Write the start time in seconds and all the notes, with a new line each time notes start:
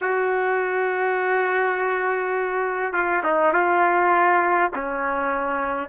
0.01 F#4
2.93 F4
3.24 D#4
3.53 F4
4.75 C#4